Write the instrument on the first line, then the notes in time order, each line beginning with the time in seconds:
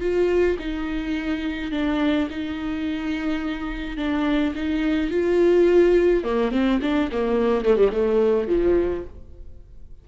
viola
0.00 F4
0.59 D#4
1.71 D4
2.30 D#4
3.97 D4
4.55 D#4
5.10 F4
6.23 A#3
6.51 C4
6.82 D4
7.11 A#3
7.65 A3
7.76 G3
7.92 A3
8.47 F3